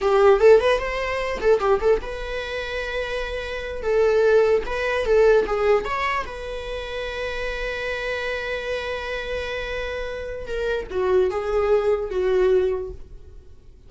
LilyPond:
\new Staff \with { instrumentName = "viola" } { \time 4/4 \tempo 4 = 149 g'4 a'8 b'8 c''4. a'8 | g'8 a'8 b'2.~ | b'4. a'2 b'8~ | b'8 a'4 gis'4 cis''4 b'8~ |
b'1~ | b'1~ | b'2 ais'4 fis'4 | gis'2 fis'2 | }